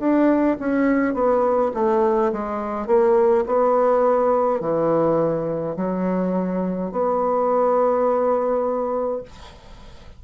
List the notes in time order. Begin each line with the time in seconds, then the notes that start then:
0.00 D4
0.59 C#4
1.14 B3
1.75 A3
2.33 G#3
2.87 A#3
3.47 B3
4.61 E3
5.77 F#3
6.92 B3